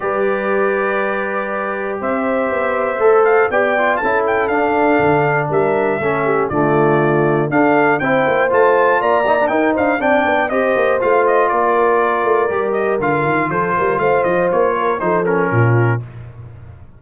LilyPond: <<
  \new Staff \with { instrumentName = "trumpet" } { \time 4/4 \tempo 4 = 120 d''1 | e''2~ e''8 f''8 g''4 | a''8 g''8 f''2 e''4~ | e''4 d''2 f''4 |
g''4 a''4 ais''4 g''8 f''8 | g''4 dis''4 f''8 dis''8 d''4~ | d''4. dis''8 f''4 c''4 | f''8 dis''8 cis''4 c''8 ais'4. | }
  \new Staff \with { instrumentName = "horn" } { \time 4/4 b'1 | c''2. d''4 | a'2. ais'4 | a'8 g'8 f'2 a'4 |
c''2 d''4 ais'8 c''8 | d''4 c''2 ais'4~ | ais'2. a'8 ais'8 | c''4. ais'8 a'4 f'4 | }
  \new Staff \with { instrumentName = "trombone" } { \time 4/4 g'1~ | g'2 a'4 g'8 f'8 | e'4 d'2. | cis'4 a2 d'4 |
e'4 f'4. dis'16 d'16 dis'4 | d'4 g'4 f'2~ | f'4 g'4 f'2~ | f'2 dis'8 cis'4. | }
  \new Staff \with { instrumentName = "tuba" } { \time 4/4 g1 | c'4 b4 a4 b4 | cis'4 d'4 d4 g4 | a4 d2 d'4 |
c'8 ais8 a4 ais4 dis'8 d'8 | c'8 b8 c'8 ais8 a4 ais4~ | ais8 a8 g4 d8 dis8 f8 g8 | a8 f8 ais4 f4 ais,4 | }
>>